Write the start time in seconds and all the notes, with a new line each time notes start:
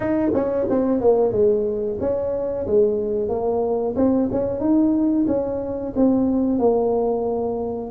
0.00 D#4
0.34 C#4
0.69 C4
1.00 A#3
1.32 G#3
2.00 C#4
2.66 G#3
3.28 A#3
3.96 C4
4.31 C#4
4.60 D#4
5.27 C#4
5.96 C4
6.58 A#3